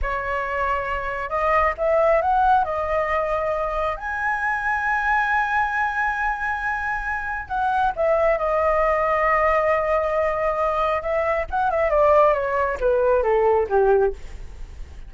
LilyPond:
\new Staff \with { instrumentName = "flute" } { \time 4/4 \tempo 4 = 136 cis''2. dis''4 | e''4 fis''4 dis''2~ | dis''4 gis''2.~ | gis''1~ |
gis''4 fis''4 e''4 dis''4~ | dis''1~ | dis''4 e''4 fis''8 e''8 d''4 | cis''4 b'4 a'4 g'4 | }